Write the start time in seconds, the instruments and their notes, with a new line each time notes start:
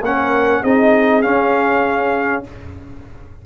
0.00 tuba A#3, trombone C#4, horn A#4, trumpet F#5
0.62 tuba C4, trombone D#4, horn G#4, trumpet D#5
1.21 trombone C#4, tuba C#4, trumpet F5